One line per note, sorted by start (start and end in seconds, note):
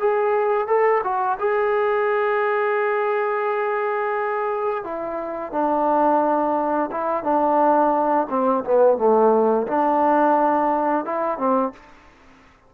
0.00 0.68 G#4
0.68 1.02 A4
1.04 1.38 F#4
1.39 4.84 G#4
4.84 5.52 E4
5.52 6.90 D4
6.92 7.24 E4
7.24 8.28 D4
8.30 8.65 C4
8.65 8.98 B3
8.98 9.67 A3
9.67 11.05 D4
11.06 11.38 E4
11.38 11.73 C4